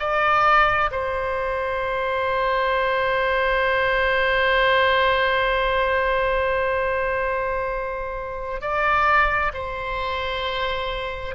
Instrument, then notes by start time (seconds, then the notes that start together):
oboe
0.00 D5
0.92 C5
8.62 D5
9.54 C5